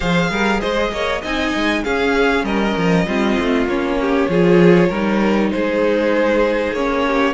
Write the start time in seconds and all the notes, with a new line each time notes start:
0.00 F3 G#4 C5 F5
0.30 G3 A#4
0.60 G#3 C5 D#5
0.91 A#3 C#5
1.21 C4 D#4 D#5 G#5
1.55 G#3
1.83 C#4 G#4 F5
2.43 G3 A#4 D#5
2.77 F3
3.06 G3 C4 F4
3.38 A3
3.65 A#3 C#4 C#5
4.00 G4
4.28 F3 F4 G#4
4.88 G3 D#4 A#4
5.51 G#3 G#4 C5
6.71 A#3 C#4 C#5
7.06 G4